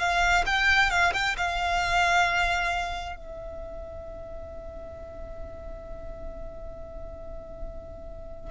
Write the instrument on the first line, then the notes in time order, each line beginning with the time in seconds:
violin
0.00 F5
0.46 G5
0.91 F5
1.14 G5
1.38 F5
3.16 E5